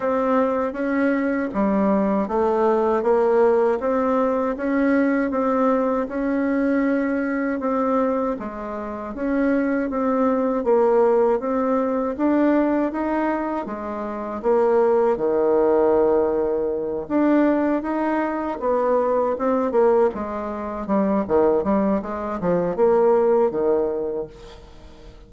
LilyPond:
\new Staff \with { instrumentName = "bassoon" } { \time 4/4 \tempo 4 = 79 c'4 cis'4 g4 a4 | ais4 c'4 cis'4 c'4 | cis'2 c'4 gis4 | cis'4 c'4 ais4 c'4 |
d'4 dis'4 gis4 ais4 | dis2~ dis8 d'4 dis'8~ | dis'8 b4 c'8 ais8 gis4 g8 | dis8 g8 gis8 f8 ais4 dis4 | }